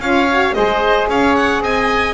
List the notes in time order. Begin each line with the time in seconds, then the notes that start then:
0.00 C#4 F4 C#5 F5
0.30 F#4
0.54 G#3 G#4 C5 D#5
1.08 C#4 C#5 F5
1.36 F#5
1.61 C4 D#5 G#5